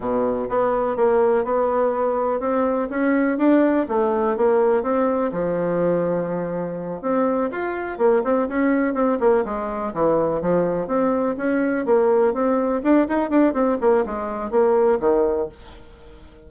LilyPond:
\new Staff \with { instrumentName = "bassoon" } { \time 4/4 \tempo 4 = 124 b,4 b4 ais4 b4~ | b4 c'4 cis'4 d'4 | a4 ais4 c'4 f4~ | f2~ f8 c'4 f'8~ |
f'8 ais8 c'8 cis'4 c'8 ais8 gis8~ | gis8 e4 f4 c'4 cis'8~ | cis'8 ais4 c'4 d'8 dis'8 d'8 | c'8 ais8 gis4 ais4 dis4 | }